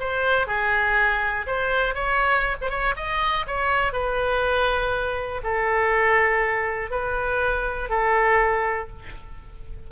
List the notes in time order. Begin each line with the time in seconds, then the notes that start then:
0.00 C5
0.47 G#4
1.47 C5
1.95 C#5
2.61 C5
2.70 C#5
2.96 D#5
3.47 C#5
3.93 B4
5.44 A4
6.91 B4
7.90 A4